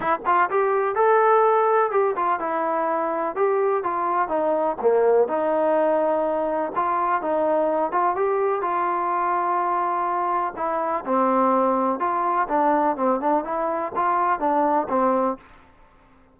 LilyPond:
\new Staff \with { instrumentName = "trombone" } { \time 4/4 \tempo 4 = 125 e'8 f'8 g'4 a'2 | g'8 f'8 e'2 g'4 | f'4 dis'4 ais4 dis'4~ | dis'2 f'4 dis'4~ |
dis'8 f'8 g'4 f'2~ | f'2 e'4 c'4~ | c'4 f'4 d'4 c'8 d'8 | e'4 f'4 d'4 c'4 | }